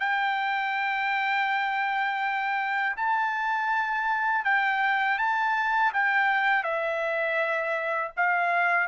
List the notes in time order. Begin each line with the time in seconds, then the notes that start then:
0.00 G5
2.97 A5
4.45 G5
5.19 A5
5.94 G5
6.64 E5
8.17 F5